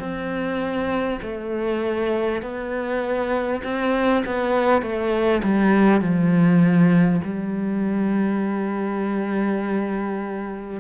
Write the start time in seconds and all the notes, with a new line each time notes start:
0.00 C4
1.22 A3
2.42 B3
3.64 C4
4.26 B3
4.82 A3
5.43 G3
6.01 F3
7.24 G3